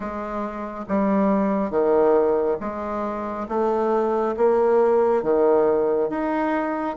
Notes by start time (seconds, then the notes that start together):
0.00 G#3
0.88 G3
1.70 D#3
2.60 G#3
3.48 A3
4.36 A#3
5.23 D#3
6.09 D#4